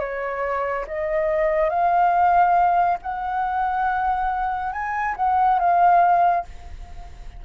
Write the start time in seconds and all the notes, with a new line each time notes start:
0.00 C#5
0.88 D#5
1.70 F5
3.02 F#5
4.73 G#5
5.17 F#5
5.59 F5